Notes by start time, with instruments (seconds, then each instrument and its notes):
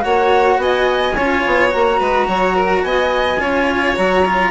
0.00 bassoon A#3, cello F#4, violin C#5, flute F#5
0.57 bassoon B3, violin D#5, flute G#5
1.15 bassoon C#4, cello F4, violin C#5
1.46 bassoon B3
1.69 bassoon A#3, cello F#4, flute A#5
1.99 bassoon G#3, violin B4
2.27 bassoon F#3, violin C#5
2.56 violin A#4
2.83 bassoon B3, violin D#5, flute G#5
3.39 bassoon C#4, cello F4, violin C#5
3.96 bassoon F#3, cello F#4, flute A#5
4.26 cello F4